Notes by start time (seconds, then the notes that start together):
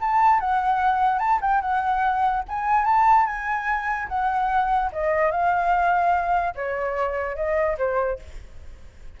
0.00 A5
0.40 F#5
1.18 A5
1.41 G5
1.61 F#5
2.48 G#5
2.85 A5
3.25 G#5
4.08 F#5
4.92 D#5
5.31 F5
6.55 C#5
7.36 D#5
7.78 C5